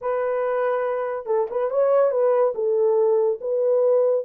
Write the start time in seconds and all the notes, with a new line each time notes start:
0.01 B4
1.26 A4
1.50 B4
1.70 C#5
2.11 B4
2.54 A4
3.41 B4